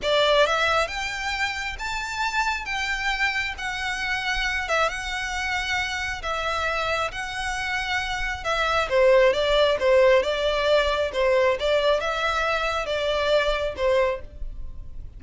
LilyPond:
\new Staff \with { instrumentName = "violin" } { \time 4/4 \tempo 4 = 135 d''4 e''4 g''2 | a''2 g''2 | fis''2~ fis''8 e''8 fis''4~ | fis''2 e''2 |
fis''2. e''4 | c''4 d''4 c''4 d''4~ | d''4 c''4 d''4 e''4~ | e''4 d''2 c''4 | }